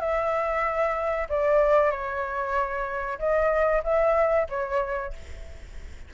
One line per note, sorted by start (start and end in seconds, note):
0.00 1.28 E5
1.29 1.91 D5
1.91 3.18 C#5
3.19 3.82 D#5
3.84 4.47 E5
4.49 5.13 C#5